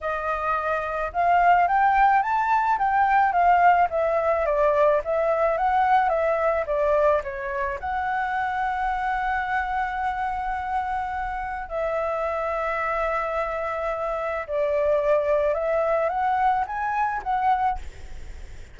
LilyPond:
\new Staff \with { instrumentName = "flute" } { \time 4/4 \tempo 4 = 108 dis''2 f''4 g''4 | a''4 g''4 f''4 e''4 | d''4 e''4 fis''4 e''4 | d''4 cis''4 fis''2~ |
fis''1~ | fis''4 e''2.~ | e''2 d''2 | e''4 fis''4 gis''4 fis''4 | }